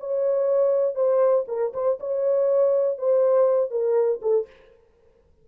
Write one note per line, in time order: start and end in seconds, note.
0.00 0.95 C#5
0.95 1.45 C5
1.48 1.73 A#4
1.74 1.99 C5
2.00 2.98 C#5
2.98 3.71 C5
3.71 4.21 A#4
4.22 4.47 A4